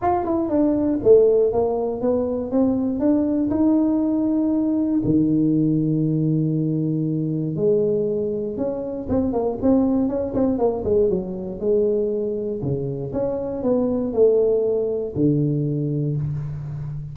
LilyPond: \new Staff \with { instrumentName = "tuba" } { \time 4/4 \tempo 4 = 119 f'8 e'8 d'4 a4 ais4 | b4 c'4 d'4 dis'4~ | dis'2 dis2~ | dis2. gis4~ |
gis4 cis'4 c'8 ais8 c'4 | cis'8 c'8 ais8 gis8 fis4 gis4~ | gis4 cis4 cis'4 b4 | a2 d2 | }